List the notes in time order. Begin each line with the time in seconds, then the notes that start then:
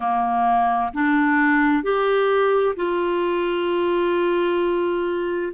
0.00 A#3
0.93 D4
1.83 G4
2.76 F4